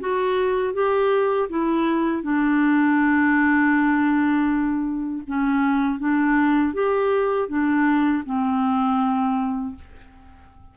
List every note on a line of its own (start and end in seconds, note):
0.00 0.74 F#4
0.74 1.49 G4
1.49 2.23 E4
2.23 5.23 D4
5.27 5.99 C#4
5.99 6.74 D4
6.74 7.48 G4
7.48 8.23 D4
8.25 9.75 C4